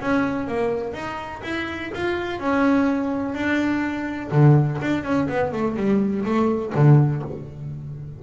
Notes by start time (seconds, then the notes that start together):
0.00 C#4
0.47 A#3
0.93 D#4
1.43 E4
1.94 F4
2.39 C#4
3.34 D4
4.31 D3
4.81 D4
5.03 C#4
5.28 B3
5.52 A3
5.76 G3
6.25 A3
6.74 D3